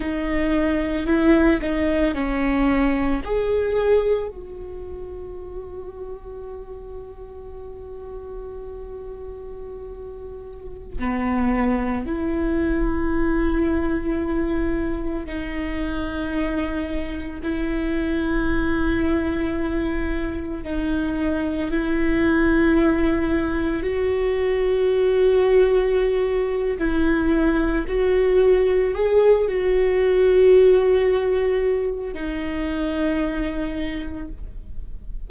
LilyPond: \new Staff \with { instrumentName = "viola" } { \time 4/4 \tempo 4 = 56 dis'4 e'8 dis'8 cis'4 gis'4 | fis'1~ | fis'2~ fis'16 b4 e'8.~ | e'2~ e'16 dis'4.~ dis'16~ |
dis'16 e'2. dis'8.~ | dis'16 e'2 fis'4.~ fis'16~ | fis'4 e'4 fis'4 gis'8 fis'8~ | fis'2 dis'2 | }